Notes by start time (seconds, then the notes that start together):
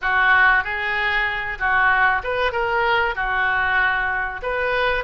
0.01 F#4
0.63 G#4
1.58 F#4
2.23 B4
2.52 A#4
3.15 F#4
4.42 B4